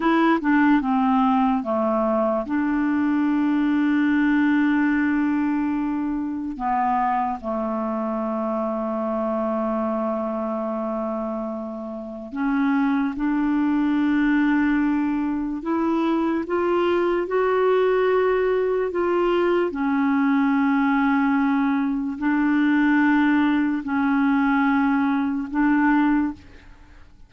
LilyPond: \new Staff \with { instrumentName = "clarinet" } { \time 4/4 \tempo 4 = 73 e'8 d'8 c'4 a4 d'4~ | d'1 | b4 a2.~ | a2. cis'4 |
d'2. e'4 | f'4 fis'2 f'4 | cis'2. d'4~ | d'4 cis'2 d'4 | }